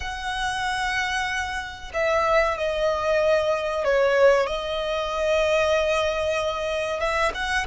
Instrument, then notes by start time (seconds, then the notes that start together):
violin
0.00 F#5
1.93 E5
2.57 D#5
3.84 C#5
4.47 D#5
7.00 E5
7.34 F#5